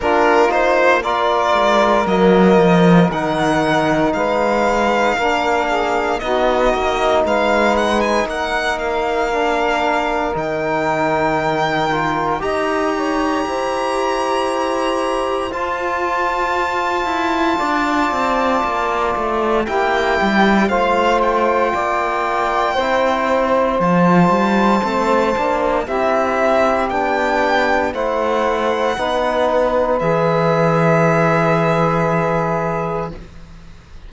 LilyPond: <<
  \new Staff \with { instrumentName = "violin" } { \time 4/4 \tempo 4 = 58 ais'8 c''8 d''4 dis''4 fis''4 | f''2 dis''4 f''8 fis''16 gis''16 | fis''8 f''4. g''2 | ais''2. a''4~ |
a''2. g''4 | f''8 g''2~ g''8 a''4~ | a''4 e''4 g''4 fis''4~ | fis''4 e''2. | }
  \new Staff \with { instrumentName = "saxophone" } { \time 4/4 f'4 ais'2. | b'4 ais'8 gis'8 fis'4 b'4 | ais'1 | dis''8 cis''8 c''2.~ |
c''4 d''2 g'4 | c''4 d''4 c''2~ | c''4 g'2 c''4 | b'1 | }
  \new Staff \with { instrumentName = "trombone" } { \time 4/4 d'8 dis'8 f'4 ais4 dis'4~ | dis'4 d'4 dis'2~ | dis'4 d'4 dis'4. f'8 | g'2. f'4~ |
f'2. e'4 | f'2 e'4 f'4 | c'8 d'8 e'4 d'4 e'4 | dis'4 gis'2. | }
  \new Staff \with { instrumentName = "cello" } { \time 4/4 ais4. gis8 fis8 f8 dis4 | gis4 ais4 b8 ais8 gis4 | ais2 dis2 | dis'4 e'2 f'4~ |
f'8 e'8 d'8 c'8 ais8 a8 ais8 g8 | a4 ais4 c'4 f8 g8 | a8 ais8 c'4 b4 a4 | b4 e2. | }
>>